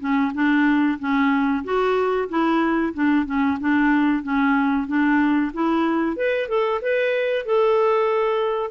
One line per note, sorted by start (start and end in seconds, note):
0.00 0.32 C#4
0.34 0.99 D4
1.00 1.64 C#4
1.64 2.29 F#4
2.29 2.94 E4
2.94 3.26 D4
3.26 3.58 C#4
3.60 4.23 D4
4.23 4.87 C#4
4.87 5.52 D4
5.53 6.17 E4
6.17 6.49 B4
6.49 6.81 A4
6.82 7.45 B4
7.45 8.71 A4